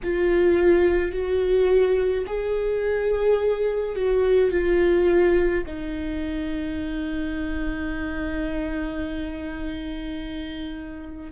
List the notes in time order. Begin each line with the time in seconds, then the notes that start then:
0.03 F4
1.11 F#4
2.26 G#4
3.95 F#4
4.51 F4
5.66 D#4